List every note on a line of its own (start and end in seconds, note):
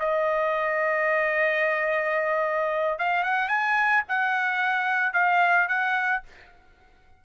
0.00 2.99 D#5
2.99 3.24 F5
3.24 3.49 F#5
3.49 4.03 G#5
4.09 5.14 F#5
5.14 5.69 F5
5.69 6.23 F#5